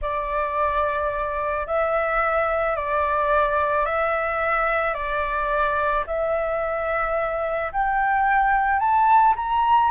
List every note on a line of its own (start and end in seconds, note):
0.01 1.66 D5
1.66 2.76 E5
2.76 3.85 D5
3.85 4.93 E5
4.93 6.04 D5
6.07 7.72 E5
7.72 8.79 G5
8.79 9.34 A5
9.36 9.91 A#5